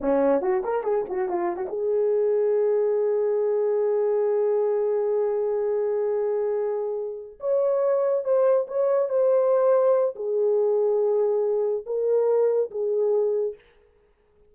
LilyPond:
\new Staff \with { instrumentName = "horn" } { \time 4/4 \tempo 4 = 142 cis'4 fis'8 ais'8 gis'8 fis'8 f'8. fis'16 | gis'1~ | gis'1~ | gis'1~ |
gis'4. cis''2 c''8~ | c''8 cis''4 c''2~ c''8 | gis'1 | ais'2 gis'2 | }